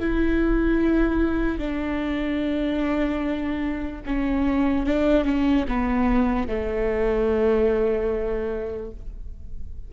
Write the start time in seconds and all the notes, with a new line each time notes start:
0.00 E4
1.59 D4
4.07 C#4
4.86 D4
5.25 C#4
5.69 B3
6.48 A3